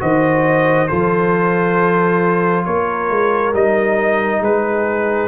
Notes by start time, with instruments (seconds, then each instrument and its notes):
0.00 tuba D#3, trombone F#4, horn C5, trumpet D#5
0.88 tuba F3, trombone F4, horn A4, trumpet C5
2.66 tuba A#3, horn A#4, trumpet C#5
3.10 tuba G#3
3.54 tuba G3, trombone D#4, trumpet D#5
4.41 tuba G#3, horn G#4, trumpet B4